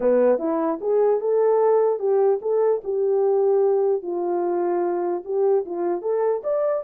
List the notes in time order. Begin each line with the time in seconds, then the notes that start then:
0.00 B3
0.38 E4
0.80 G#4
1.20 A4
1.99 G4
2.41 A4
2.84 G4
4.02 F4
5.25 G4
5.65 F4
6.01 A4
6.43 D5